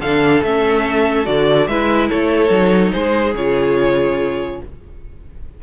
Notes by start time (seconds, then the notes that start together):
0.00 D3 D4 A4 F5
0.43 A3 C#4 E5
1.25 D3 F#4 D5
1.68 G#3 E4 B4 E5
2.10 A3 A4 C#5
2.49 F#3 D#4
2.92 G#3 G#4 C5
3.35 C#3 F4 C#5